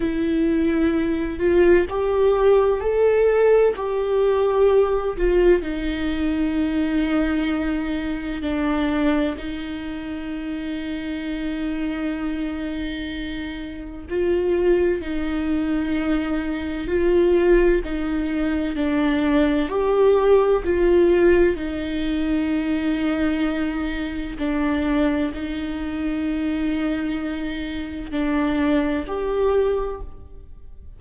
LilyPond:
\new Staff \with { instrumentName = "viola" } { \time 4/4 \tempo 4 = 64 e'4. f'8 g'4 a'4 | g'4. f'8 dis'2~ | dis'4 d'4 dis'2~ | dis'2. f'4 |
dis'2 f'4 dis'4 | d'4 g'4 f'4 dis'4~ | dis'2 d'4 dis'4~ | dis'2 d'4 g'4 | }